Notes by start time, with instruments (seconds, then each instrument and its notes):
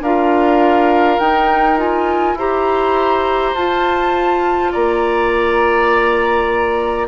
0.00 bassoon D4, clarinet F4, oboe A#4, flute F5
1.19 bassoon D#4, clarinet D#4, flute G5
1.77 clarinet F4, flute G#5
2.34 bassoon E4, clarinet G4, oboe C5, flute A#5
3.54 bassoon F4, clarinet F4, flute A5
4.71 bassoon A#3, oboe D5, flute A#5